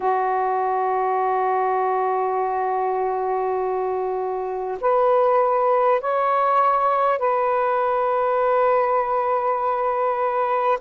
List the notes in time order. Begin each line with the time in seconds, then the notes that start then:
0.00 F#4
4.81 B4
6.00 C#5
7.18 B4